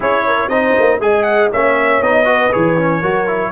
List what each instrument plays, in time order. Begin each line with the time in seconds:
0.00 tuba C#4, trombone E4, horn G#4, trumpet C#5
0.26 horn A#4
0.48 tuba C4, trombone D#4, horn C5, trumpet D#5
0.79 tuba A#3
0.99 tuba G#3, trombone G#4, horn D#5, trumpet G#5
1.23 trumpet F#5
1.51 tuba A#3, trombone C#4, horn C#5, trumpet E5
2.00 tuba B3, trombone D#4, trumpet D#5
2.24 trombone F#4, horn B4
2.52 tuba E3, trombone G#4, trumpet C#5
2.77 trombone C#4
3.01 tuba F#3, trombone F#4, horn A#4
3.27 trombone E4